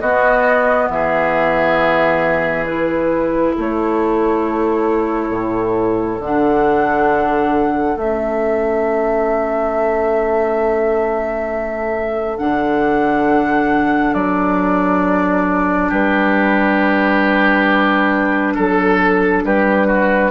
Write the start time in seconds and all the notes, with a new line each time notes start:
0.00 B3 F#4 D#5
0.89 E3 G#4 E5
2.65 E4 B4
3.55 A3 A4 C#5
5.29 A2
6.19 D3 D4 F#5
7.96 A3 C#4 E5
12.37 D3 D4 F#5
14.13 F#3 D5
15.89 G3 G4 B4
18.54 F#3 A4
19.43 G3 G4 B4
19.87 F#4